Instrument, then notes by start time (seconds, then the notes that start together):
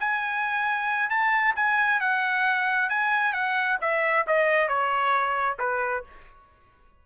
trumpet
0.00 G#5
1.10 A5
1.56 G#5
2.00 F#5
2.89 G#5
3.33 F#5
3.81 E5
4.27 D#5
4.68 C#5
5.59 B4